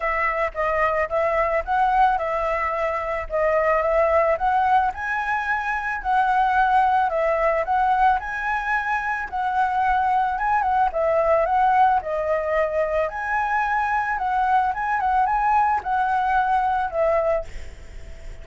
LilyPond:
\new Staff \with { instrumentName = "flute" } { \time 4/4 \tempo 4 = 110 e''4 dis''4 e''4 fis''4 | e''2 dis''4 e''4 | fis''4 gis''2 fis''4~ | fis''4 e''4 fis''4 gis''4~ |
gis''4 fis''2 gis''8 fis''8 | e''4 fis''4 dis''2 | gis''2 fis''4 gis''8 fis''8 | gis''4 fis''2 e''4 | }